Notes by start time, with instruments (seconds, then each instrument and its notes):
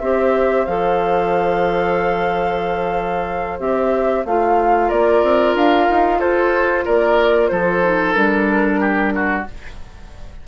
0.00 bassoon C4, clarinet G4, oboe C5, flute E5
0.65 bassoon F3, clarinet A4, flute F5
3.59 bassoon C4, clarinet G4, flute E5
4.25 bassoon A3, clarinet F4, flute F5
4.87 bassoon A#3, oboe A#4, flute D5
5.23 bassoon C4
5.55 bassoon D4, flute F5
5.90 bassoon D#4
6.19 bassoon F4, oboe A4, flute C5
6.85 bassoon A#3, oboe A#4, flute D5
7.48 bassoon F3, oboe A4, flute C5
7.84 clarinet D#4
8.13 bassoon G3, clarinet D4, flute A#4
8.80 oboe G4
9.15 oboe F#4